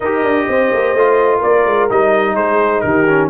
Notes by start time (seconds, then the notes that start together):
0.00 D#4 G4 A#4 D#5
0.23 D4
0.47 C4 C5
0.72 A#3
0.94 A3 F4
1.38 A#3 A#4 D5
1.66 G#3
1.90 G3 D#4 D#5
2.34 G#3 G#4 C5
2.81 D#3 G4 A#4
3.07 C#4